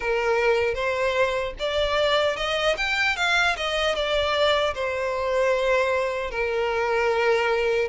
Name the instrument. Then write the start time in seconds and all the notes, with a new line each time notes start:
violin
0.00 A#4
0.74 C5
1.59 D5
2.36 D#5
2.77 G5
3.16 F5
3.56 D#5
3.95 D5
4.74 C5
6.31 A#4